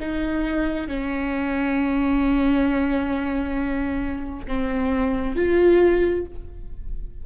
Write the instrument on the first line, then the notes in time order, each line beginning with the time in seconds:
viola
0.00 D#4
0.88 C#4
4.47 C4
5.36 F4